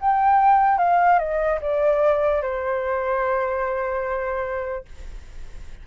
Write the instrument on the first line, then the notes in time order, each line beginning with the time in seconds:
flute
0.00 G5
0.78 F5
1.18 D#5
1.61 D5
2.41 C5